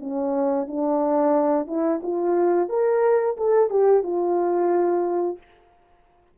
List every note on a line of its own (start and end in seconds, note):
0.00 0.67 C#4
0.67 1.67 D4
1.67 2.01 E4
2.03 2.69 F4
2.69 3.36 A#4
3.37 3.70 A4
3.70 4.03 G4
4.03 5.38 F4